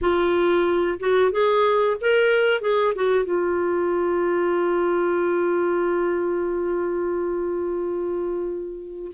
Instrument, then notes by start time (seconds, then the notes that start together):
clarinet
0.01 F4
0.99 F#4
1.31 G#4
2.00 A#4
2.61 G#4
2.95 F#4
3.24 F4